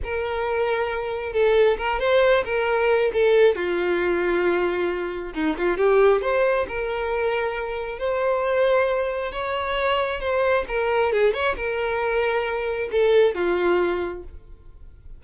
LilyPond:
\new Staff \with { instrumentName = "violin" } { \time 4/4 \tempo 4 = 135 ais'2. a'4 | ais'8 c''4 ais'4. a'4 | f'1 | dis'8 f'8 g'4 c''4 ais'4~ |
ais'2 c''2~ | c''4 cis''2 c''4 | ais'4 gis'8 cis''8 ais'2~ | ais'4 a'4 f'2 | }